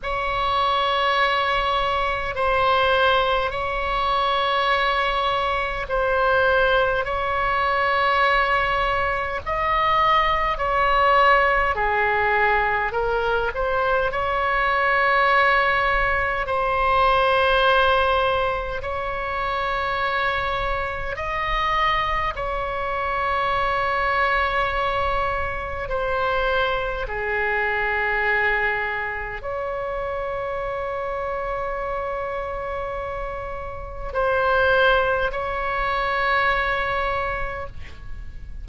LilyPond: \new Staff \with { instrumentName = "oboe" } { \time 4/4 \tempo 4 = 51 cis''2 c''4 cis''4~ | cis''4 c''4 cis''2 | dis''4 cis''4 gis'4 ais'8 c''8 | cis''2 c''2 |
cis''2 dis''4 cis''4~ | cis''2 c''4 gis'4~ | gis'4 cis''2.~ | cis''4 c''4 cis''2 | }